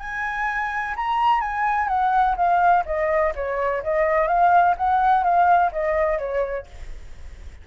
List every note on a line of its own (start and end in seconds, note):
0.00 0.95 G#5
0.96 1.41 A#5
1.41 1.88 G#5
1.88 2.36 F#5
2.37 2.85 F5
2.86 3.34 D#5
3.36 3.83 C#5
3.84 4.28 D#5
4.28 4.76 F5
4.78 5.24 F#5
5.24 5.72 F5
5.73 6.19 D#5
6.19 6.67 C#5